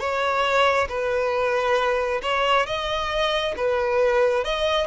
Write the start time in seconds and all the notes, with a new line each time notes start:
0.00 C#5
0.89 B4
2.23 C#5
2.66 D#5
3.57 B4
4.44 D#5